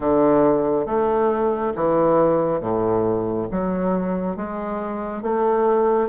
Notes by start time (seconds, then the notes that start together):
0.00 D3
0.86 A3
1.75 E3
2.60 A2
3.51 F#3
4.36 G#3
5.22 A3